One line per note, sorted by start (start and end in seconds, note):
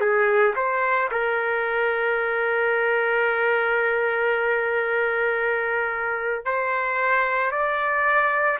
0.00 0.54 G#4
0.56 1.09 C5
1.11 6.45 A#4
6.45 7.51 C5
7.51 8.58 D5